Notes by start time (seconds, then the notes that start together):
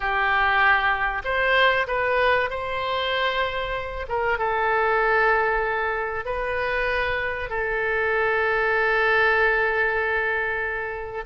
0.00 G4
1.24 C5
1.87 B4
2.50 C5
4.08 A#4
4.38 A4
6.25 B4
7.49 A4